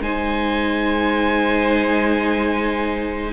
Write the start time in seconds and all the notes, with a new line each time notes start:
0.00 G#3 D#4 C5 G#5